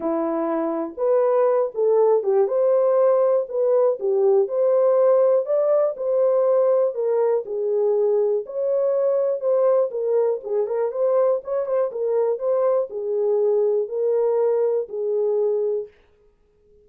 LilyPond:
\new Staff \with { instrumentName = "horn" } { \time 4/4 \tempo 4 = 121 e'2 b'4. a'8~ | a'8 g'8 c''2 b'4 | g'4 c''2 d''4 | c''2 ais'4 gis'4~ |
gis'4 cis''2 c''4 | ais'4 gis'8 ais'8 c''4 cis''8 c''8 | ais'4 c''4 gis'2 | ais'2 gis'2 | }